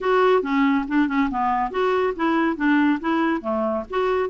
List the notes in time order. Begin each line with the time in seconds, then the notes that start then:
0.00 F#4
0.42 C#4
0.88 D4
1.08 C#4
1.30 B3
1.70 F#4
2.16 E4
2.56 D4
3.00 E4
3.41 A3
3.90 F#4